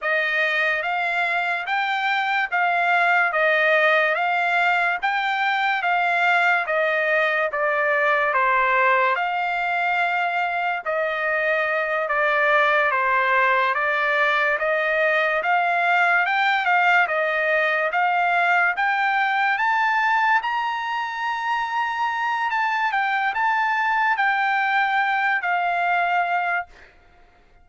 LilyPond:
\new Staff \with { instrumentName = "trumpet" } { \time 4/4 \tempo 4 = 72 dis''4 f''4 g''4 f''4 | dis''4 f''4 g''4 f''4 | dis''4 d''4 c''4 f''4~ | f''4 dis''4. d''4 c''8~ |
c''8 d''4 dis''4 f''4 g''8 | f''8 dis''4 f''4 g''4 a''8~ | a''8 ais''2~ ais''8 a''8 g''8 | a''4 g''4. f''4. | }